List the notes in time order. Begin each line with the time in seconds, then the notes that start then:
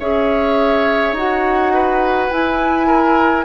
0.00 C#4 G#4 C#5 E5
1.13 D#4 F#4 F#5
1.74 B4
2.30 E4 G#5
2.87 A#4